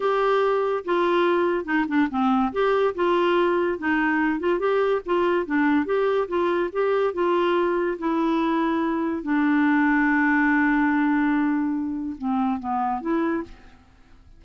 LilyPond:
\new Staff \with { instrumentName = "clarinet" } { \time 4/4 \tempo 4 = 143 g'2 f'2 | dis'8 d'8 c'4 g'4 f'4~ | f'4 dis'4. f'8 g'4 | f'4 d'4 g'4 f'4 |
g'4 f'2 e'4~ | e'2 d'2~ | d'1~ | d'4 c'4 b4 e'4 | }